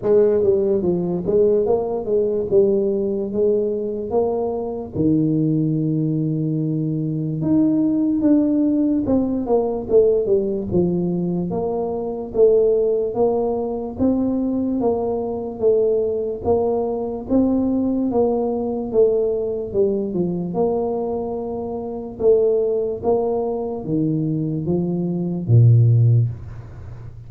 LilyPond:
\new Staff \with { instrumentName = "tuba" } { \time 4/4 \tempo 4 = 73 gis8 g8 f8 gis8 ais8 gis8 g4 | gis4 ais4 dis2~ | dis4 dis'4 d'4 c'8 ais8 | a8 g8 f4 ais4 a4 |
ais4 c'4 ais4 a4 | ais4 c'4 ais4 a4 | g8 f8 ais2 a4 | ais4 dis4 f4 ais,4 | }